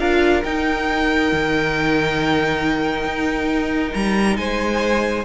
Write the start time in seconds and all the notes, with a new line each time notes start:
0.00 D4 F4 A#4 F5
0.44 D#4 G5
1.33 D#3
3.05 D#4
3.94 G3 A#5
4.37 G#3 C5 G#5